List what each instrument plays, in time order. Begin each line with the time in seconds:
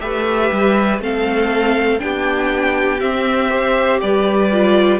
0.00 cello A3, viola G4, violin B4 E5
0.52 cello G3
1.00 cello A3, viola C4, violin A4 F5
2.00 cello B3, viola D4, violin G4 G5
3.00 viola C4, cello C4, violin E5
3.50 viola G4, violin C5
4.01 cello G3, violin B4 D5
4.52 viola F4